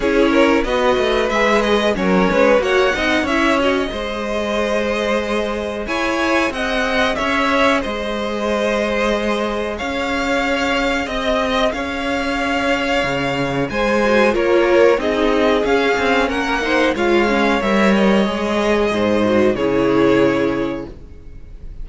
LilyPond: <<
  \new Staff \with { instrumentName = "violin" } { \time 4/4 \tempo 4 = 92 cis''4 dis''4 e''8 dis''8 cis''4 | fis''4 e''8 dis''2~ dis''8~ | dis''4 gis''4 fis''4 e''4 | dis''2. f''4~ |
f''4 dis''4 f''2~ | f''4 gis''4 cis''4 dis''4 | f''4 fis''4 f''4 e''8 dis''8~ | dis''2 cis''2 | }
  \new Staff \with { instrumentName = "violin" } { \time 4/4 gis'8 ais'8 b'2 ais'8 b'8 | cis''8 dis''8 cis''4 c''2~ | c''4 cis''4 dis''4 cis''4 | c''2. cis''4~ |
cis''4 dis''4 cis''2~ | cis''4 c''4 ais'4 gis'4~ | gis'4 ais'8 c''8 cis''2~ | cis''4 c''4 gis'2 | }
  \new Staff \with { instrumentName = "viola" } { \time 4/4 e'4 fis'4 gis'4 cis'4 | fis'8 dis'8 e'8 fis'8 gis'2~ | gis'1~ | gis'1~ |
gis'1~ | gis'4. fis'8 f'4 dis'4 | cis'4. dis'8 f'8 cis'8 ais'4 | gis'4. fis'8 e'2 | }
  \new Staff \with { instrumentName = "cello" } { \time 4/4 cis'4 b8 a8 gis4 fis8 gis8 | ais8 c'8 cis'4 gis2~ | gis4 e'4 c'4 cis'4 | gis2. cis'4~ |
cis'4 c'4 cis'2 | cis4 gis4 ais4 c'4 | cis'8 c'8 ais4 gis4 g4 | gis4 gis,4 cis2 | }
>>